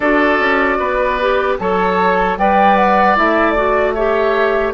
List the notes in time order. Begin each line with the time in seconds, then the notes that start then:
0.00 D4 F#4 A4 D5
0.39 C#4
0.79 B3 B4
1.20 G4
1.58 F#3 A4 C#5 A5
2.37 G3 B4 D5 G5
2.76 F#5
3.16 A3 E4 E5
3.51 F#4 D5
3.93 G4 C#5 E5